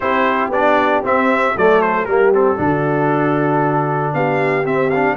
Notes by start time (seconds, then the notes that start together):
0.00 C4 E4 G4 C5
0.49 B3 D4 D5
1.02 C4 E5
1.56 F#3 A3 A4 D5
1.81 C5
2.05 G3 A#3 G4 A#4
2.33 C4 A4
2.56 D3 D4 F#4
4.13 B3 G4 F5
4.63 C4 E5
4.90 D4 F5